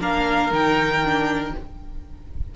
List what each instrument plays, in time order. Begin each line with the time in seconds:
0.00 cello A#3, viola D4, violin A#4 F5
0.52 cello D#3, viola D#4, violin G5
1.05 viola D4